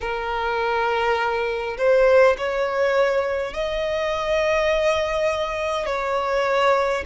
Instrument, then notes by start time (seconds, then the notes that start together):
violin
0.01 A#4
1.77 C5
2.37 C#5
3.53 D#5
5.86 C#5